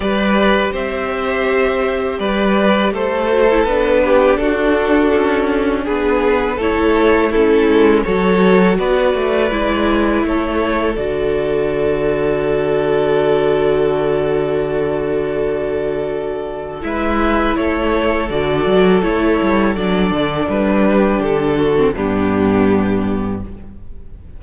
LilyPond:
<<
  \new Staff \with { instrumentName = "violin" } { \time 4/4 \tempo 4 = 82 d''4 e''2 d''4 | c''4 b'4 a'2 | b'4 cis''4 a'4 cis''4 | d''2 cis''4 d''4~ |
d''1~ | d''2. e''4 | cis''4 d''4 cis''4 d''4 | b'4 a'4 g'2 | }
  \new Staff \with { instrumentName = "violin" } { \time 4/4 b'4 c''2 b'4 | a'4. g'8 fis'2 | gis'4 a'4 e'4 a'4 | b'2 a'2~ |
a'1~ | a'2. b'4 | a'1~ | a'8 g'4 fis'8 d'2 | }
  \new Staff \with { instrumentName = "viola" } { \time 4/4 g'1~ | g'8 fis'16 e'16 d'2.~ | d'4 e'4 cis'4 fis'4~ | fis'4 e'2 fis'4~ |
fis'1~ | fis'2. e'4~ | e'4 fis'4 e'4 d'4~ | d'4.~ d'16 c'16 b2 | }
  \new Staff \with { instrumentName = "cello" } { \time 4/4 g4 c'2 g4 | a4 b4 d'4 cis'4 | b4 a4. gis8 fis4 | b8 a8 gis4 a4 d4~ |
d1~ | d2. gis4 | a4 d8 fis8 a8 g8 fis8 d8 | g4 d4 g,2 | }
>>